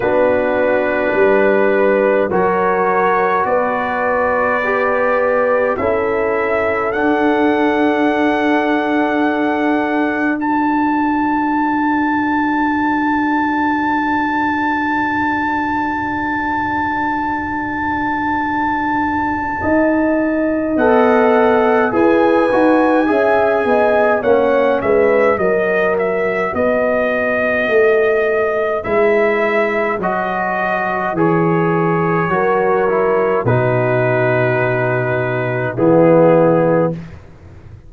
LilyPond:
<<
  \new Staff \with { instrumentName = "trumpet" } { \time 4/4 \tempo 4 = 52 b'2 cis''4 d''4~ | d''4 e''4 fis''2~ | fis''4 a''2.~ | a''1~ |
a''2 fis''4 gis''4~ | gis''4 fis''8 e''8 dis''8 e''8 dis''4~ | dis''4 e''4 dis''4 cis''4~ | cis''4 b'2 gis'4 | }
  \new Staff \with { instrumentName = "horn" } { \time 4/4 fis'4 b'4 ais'4 b'4~ | b'4 a'2.~ | a'4 d''2.~ | d''1~ |
d''4 dis''2 b'4 | e''8 dis''8 cis''8 b'8 ais'4 b'4~ | b'1 | ais'4 fis'2 e'4 | }
  \new Staff \with { instrumentName = "trombone" } { \time 4/4 d'2 fis'2 | g'4 e'4 d'2~ | d'4 fis'2.~ | fis'1~ |
fis'2 a'4 gis'8 fis'8 | gis'4 cis'4 fis'2~ | fis'4 e'4 fis'4 gis'4 | fis'8 e'8 dis'2 b4 | }
  \new Staff \with { instrumentName = "tuba" } { \time 4/4 b4 g4 fis4 b4~ | b4 cis'4 d'2~ | d'1~ | d'1~ |
d'4 dis'4 b4 e'8 dis'8 | cis'8 b8 ais8 gis8 fis4 b4 | a4 gis4 fis4 e4 | fis4 b,2 e4 | }
>>